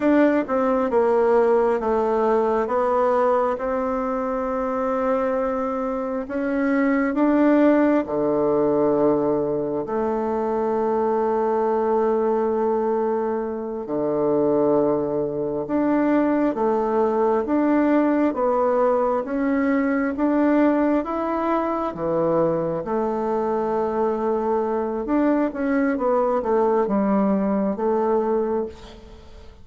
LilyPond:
\new Staff \with { instrumentName = "bassoon" } { \time 4/4 \tempo 4 = 67 d'8 c'8 ais4 a4 b4 | c'2. cis'4 | d'4 d2 a4~ | a2.~ a8 d8~ |
d4. d'4 a4 d'8~ | d'8 b4 cis'4 d'4 e'8~ | e'8 e4 a2~ a8 | d'8 cis'8 b8 a8 g4 a4 | }